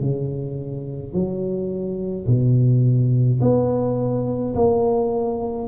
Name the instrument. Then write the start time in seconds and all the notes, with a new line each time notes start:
tuba
0.00 C#3
1.13 F#3
2.27 B2
3.42 B3
4.55 A#3